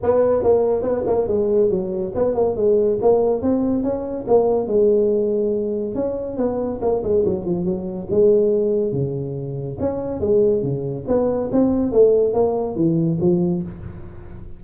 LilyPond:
\new Staff \with { instrumentName = "tuba" } { \time 4/4 \tempo 4 = 141 b4 ais4 b8 ais8 gis4 | fis4 b8 ais8 gis4 ais4 | c'4 cis'4 ais4 gis4~ | gis2 cis'4 b4 |
ais8 gis8 fis8 f8 fis4 gis4~ | gis4 cis2 cis'4 | gis4 cis4 b4 c'4 | a4 ais4 e4 f4 | }